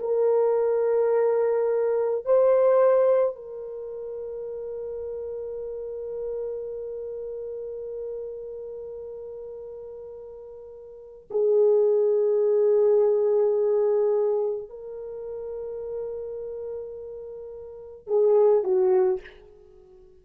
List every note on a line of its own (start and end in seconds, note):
0.00 2.25 A#4
2.25 3.36 C5
3.36 11.28 A#4
11.31 14.70 G#4
14.70 18.08 A#4
18.08 18.64 G#4
18.64 19.20 F#4